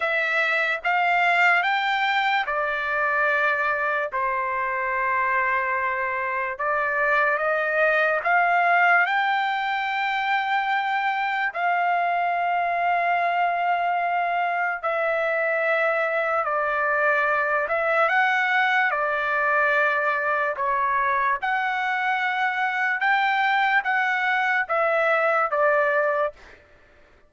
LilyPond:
\new Staff \with { instrumentName = "trumpet" } { \time 4/4 \tempo 4 = 73 e''4 f''4 g''4 d''4~ | d''4 c''2. | d''4 dis''4 f''4 g''4~ | g''2 f''2~ |
f''2 e''2 | d''4. e''8 fis''4 d''4~ | d''4 cis''4 fis''2 | g''4 fis''4 e''4 d''4 | }